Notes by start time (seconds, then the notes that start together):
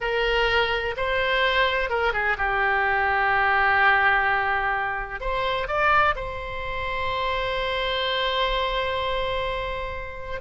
0.00 A#4
0.97 C5
1.89 A#4
2.13 G#4
2.37 G4
5.20 C5
5.67 D5
6.15 C5